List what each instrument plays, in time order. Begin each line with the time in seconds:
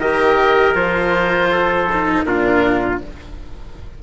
0.00 bassoon D#3, cello G4, trumpet A#4, oboe D#5
0.75 bassoon F3, cello F4, oboe C5
1.52 trumpet A4
1.93 cello D#4
2.25 bassoon A#2, cello D4, trumpet F4, oboe A#4